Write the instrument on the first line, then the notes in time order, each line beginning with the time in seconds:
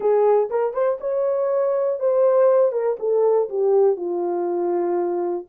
horn
0.00 G#4
0.50 A#4
0.73 C5
1.00 C#5
1.99 C5
2.72 A#4
2.99 A4
3.49 G4
3.96 F4